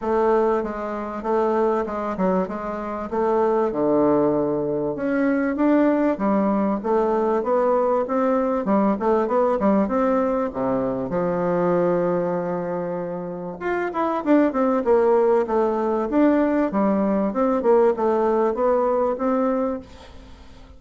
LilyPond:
\new Staff \with { instrumentName = "bassoon" } { \time 4/4 \tempo 4 = 97 a4 gis4 a4 gis8 fis8 | gis4 a4 d2 | cis'4 d'4 g4 a4 | b4 c'4 g8 a8 b8 g8 |
c'4 c4 f2~ | f2 f'8 e'8 d'8 c'8 | ais4 a4 d'4 g4 | c'8 ais8 a4 b4 c'4 | }